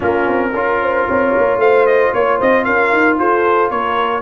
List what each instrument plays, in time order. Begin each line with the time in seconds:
0.00 tuba A#3, trombone C#4, horn F4, trumpet A#4
0.27 tuba C4
0.53 tuba C#4, trombone F4, horn A#4
0.82 horn C5
1.08 tuba C4, horn C#5
1.37 tuba A#3
1.57 tuba A3, horn C5, trumpet F5
1.86 trumpet D#5
2.13 tuba A#3, horn C#5, trumpet C#5
2.38 tuba C4, horn C5, trumpet D#5
2.64 tuba C#4, horn A#4, trumpet F5
2.92 tuba D#4
3.19 tuba F4, horn A4, trumpet C5
3.70 tuba A#3, horn A#4, trumpet C#5